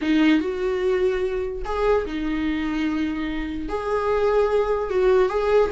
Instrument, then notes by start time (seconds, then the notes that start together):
viola
0.01 D#4
0.40 F#4
1.64 G#4
2.06 D#4
3.68 G#4
4.89 F#4
5.29 G#4